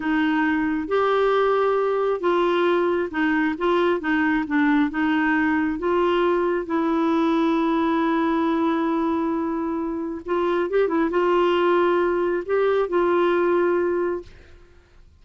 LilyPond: \new Staff \with { instrumentName = "clarinet" } { \time 4/4 \tempo 4 = 135 dis'2 g'2~ | g'4 f'2 dis'4 | f'4 dis'4 d'4 dis'4~ | dis'4 f'2 e'4~ |
e'1~ | e'2. f'4 | g'8 e'8 f'2. | g'4 f'2. | }